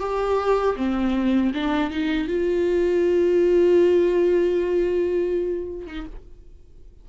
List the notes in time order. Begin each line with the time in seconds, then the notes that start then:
0.00 G4
0.76 C4
1.54 D4
1.91 D#4
2.28 F4
5.87 D#4